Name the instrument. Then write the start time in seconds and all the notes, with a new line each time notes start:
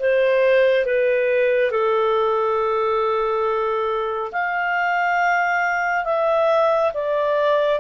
clarinet
0.00 C5
0.86 B4
1.72 A4
4.32 F5
6.05 E5
6.94 D5